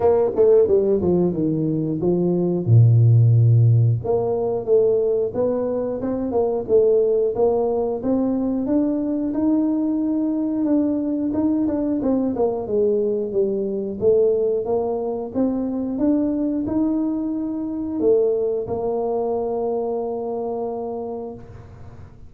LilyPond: \new Staff \with { instrumentName = "tuba" } { \time 4/4 \tempo 4 = 90 ais8 a8 g8 f8 dis4 f4 | ais,2 ais4 a4 | b4 c'8 ais8 a4 ais4 | c'4 d'4 dis'2 |
d'4 dis'8 d'8 c'8 ais8 gis4 | g4 a4 ais4 c'4 | d'4 dis'2 a4 | ais1 | }